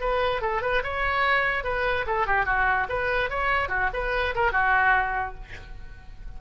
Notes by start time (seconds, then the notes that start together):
0.00 B4
0.41 A4
0.62 B4
0.83 C#5
1.64 B4
2.06 A4
2.26 G4
2.45 F#4
2.89 B4
3.30 C#5
3.68 F#4
3.93 B4
4.35 A#4
4.52 F#4